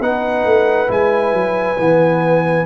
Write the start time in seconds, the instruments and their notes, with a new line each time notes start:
0.00 tuba B3, trombone D#4, horn B4, trumpet F#5
0.44 tuba A3
0.87 tuba G#3, trombone E4, trumpet G#5
1.33 tuba F#3
1.79 tuba E3, trombone B3